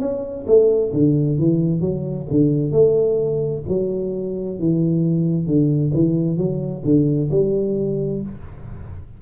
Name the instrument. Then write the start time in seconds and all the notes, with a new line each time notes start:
tuba
0.00 C#4
0.47 A3
0.93 D3
1.39 E3
1.81 F#3
2.31 D3
2.72 A3
3.69 F#3
4.60 E3
5.47 D3
5.94 E3
6.38 F#3
6.85 D3
7.31 G3